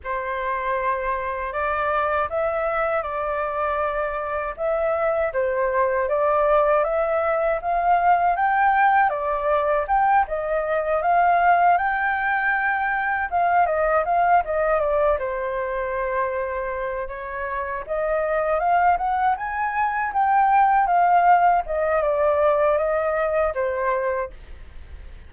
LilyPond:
\new Staff \with { instrumentName = "flute" } { \time 4/4 \tempo 4 = 79 c''2 d''4 e''4 | d''2 e''4 c''4 | d''4 e''4 f''4 g''4 | d''4 g''8 dis''4 f''4 g''8~ |
g''4. f''8 dis''8 f''8 dis''8 d''8 | c''2~ c''8 cis''4 dis''8~ | dis''8 f''8 fis''8 gis''4 g''4 f''8~ | f''8 dis''8 d''4 dis''4 c''4 | }